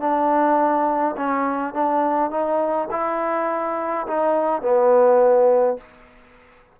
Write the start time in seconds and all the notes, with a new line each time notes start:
0.00 D4
1.17 C#4
1.74 D4
2.31 D#4
2.91 E4
4.07 D#4
4.62 B3